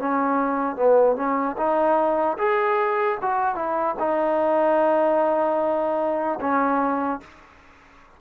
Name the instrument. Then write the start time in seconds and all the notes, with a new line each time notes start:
trombone
0.00 C#4
0.76 B3
1.17 C#4
1.58 D#4
2.39 G#4
3.22 F#4
3.56 E4
4.00 D#4
6.41 C#4